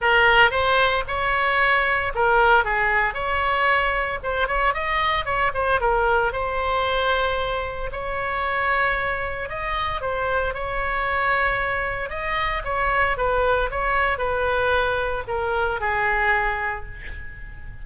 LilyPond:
\new Staff \with { instrumentName = "oboe" } { \time 4/4 \tempo 4 = 114 ais'4 c''4 cis''2 | ais'4 gis'4 cis''2 | c''8 cis''8 dis''4 cis''8 c''8 ais'4 | c''2. cis''4~ |
cis''2 dis''4 c''4 | cis''2. dis''4 | cis''4 b'4 cis''4 b'4~ | b'4 ais'4 gis'2 | }